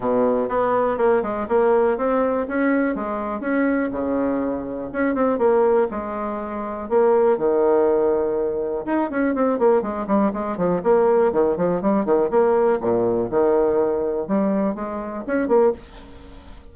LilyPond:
\new Staff \with { instrumentName = "bassoon" } { \time 4/4 \tempo 4 = 122 b,4 b4 ais8 gis8 ais4 | c'4 cis'4 gis4 cis'4 | cis2 cis'8 c'8 ais4 | gis2 ais4 dis4~ |
dis2 dis'8 cis'8 c'8 ais8 | gis8 g8 gis8 f8 ais4 dis8 f8 | g8 dis8 ais4 ais,4 dis4~ | dis4 g4 gis4 cis'8 ais8 | }